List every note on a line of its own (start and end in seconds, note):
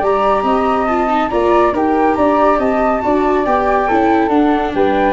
0.00 0.43 G3
0.00 0.89 G4
0.00 0.43 D5
0.00 0.87 A#5
0.43 1.29 C4
0.43 1.30 D#5
0.87 1.08 F4
0.87 1.29 A5
1.08 1.29 D#4
1.29 1.72 A#3
1.29 1.74 F4
1.29 1.73 D5
1.29 1.72 A#5
1.72 2.15 D#4
1.72 3.02 G4
1.72 2.17 A#4
1.72 2.15 G5
2.15 2.59 D4
2.15 2.60 D5
2.15 2.58 A#5
2.59 3.02 C4
2.59 3.02 D#5
2.59 3.45 A5
3.02 3.46 D4
3.02 3.45 F#4
3.02 3.88 D5
3.45 3.89 B3
3.45 3.89 G4
3.45 4.29 G5
3.88 4.29 C#4
3.88 4.30 E4
3.88 4.73 A4
4.29 4.72 D4
4.29 5.13 D4
4.29 4.72 F#5
4.75 5.13 G3
4.75 5.13 B4
4.75 5.13 G5